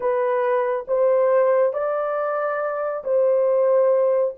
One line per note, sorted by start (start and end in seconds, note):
0.00 0.85 B4
0.87 1.73 C5
1.73 3.03 D5
3.04 4.34 C5